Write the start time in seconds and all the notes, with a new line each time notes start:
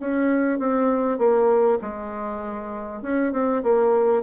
0.00 C#4
0.59 C4
1.18 A#3
1.82 G#3
3.02 C#4
3.33 C4
3.63 A#3